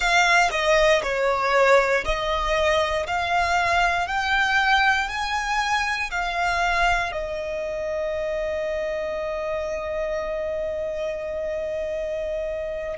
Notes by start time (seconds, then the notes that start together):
0.00 F5
0.51 D#5
1.02 C#5
2.04 D#5
3.06 F5
4.07 G5
5.08 G#5
6.10 F5
7.12 D#5